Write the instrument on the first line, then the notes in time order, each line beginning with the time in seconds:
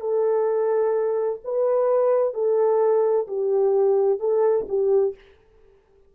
horn
0.00 A4
1.44 B4
2.34 A4
3.27 G4
4.19 A4
4.68 G4